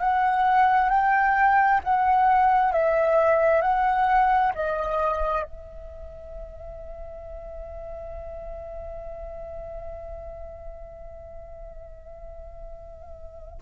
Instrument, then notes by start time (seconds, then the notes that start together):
flute
0.00 F#5
0.90 G5
1.84 F#5
2.72 E5
3.62 F#5
4.55 D#5
5.43 E5